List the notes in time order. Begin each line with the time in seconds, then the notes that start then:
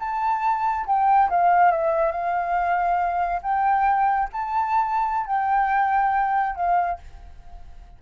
0.00 A5
0.86 G5
1.30 F5
1.71 E5
2.12 F5
3.43 G5
4.33 A5
5.27 G5
6.56 F5